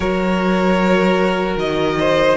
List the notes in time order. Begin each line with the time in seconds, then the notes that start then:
0.00 F#3 F#4 A#4 C#5
1.56 D#3 D#5
1.99 C5